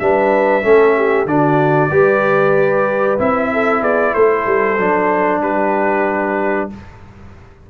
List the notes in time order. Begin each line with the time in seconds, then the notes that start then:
0.00 G3 D4 B4 E5
0.63 A3 C#4 A4
0.97 G4
1.26 D3 D4 F#4 D5
1.91 G3 G4 B4
3.19 C4 E4 E5
3.53 A4
3.81 B3 G#4 D5
4.14 A3 A4 C5
4.47 G3
4.79 F#3 D4
5.42 G3 G4 B4